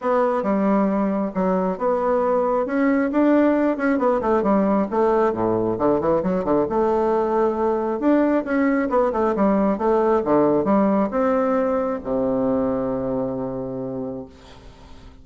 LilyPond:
\new Staff \with { instrumentName = "bassoon" } { \time 4/4 \tempo 4 = 135 b4 g2 fis4 | b2 cis'4 d'4~ | d'8 cis'8 b8 a8 g4 a4 | a,4 d8 e8 fis8 d8 a4~ |
a2 d'4 cis'4 | b8 a8 g4 a4 d4 | g4 c'2 c4~ | c1 | }